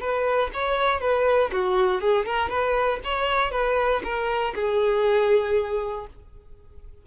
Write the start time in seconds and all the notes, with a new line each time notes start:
0.00 B4
0.53 C#5
1.01 B4
1.52 F#4
2.01 G#4
2.26 A#4
2.49 B4
3.04 C#5
3.52 B4
4.04 A#4
4.55 G#4